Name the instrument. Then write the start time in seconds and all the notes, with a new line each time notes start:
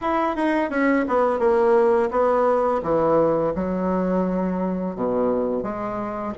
bassoon
0.01 E4
0.36 D#4
0.69 C#4
1.07 B3
1.39 A#3
2.10 B3
2.82 E3
3.55 F#3
4.95 B2
5.62 G#3